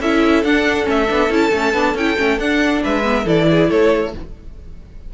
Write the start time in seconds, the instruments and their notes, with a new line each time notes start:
0.00 cello C#4, viola E4, violin A4 E5
0.43 cello D4, viola D4, violin F#5
0.84 cello A3, viola C#4
0.90 violin E5
1.09 cello B3, viola D4
1.29 cello C#4, viola E4, violin A5
1.52 cello A3, viola C#4
1.74 cello B3, viola D4
1.94 cello C#4, viola E4, violin G5
2.18 cello A3, viola C#4
2.38 cello D4, viola D4, violin F#5
2.83 cello G#3, violin B4 E5
3.03 viola B3
3.25 cello E3, viola E4, violin A4 D5
3.51 violin G#4
3.70 cello A3, violin A4 C#5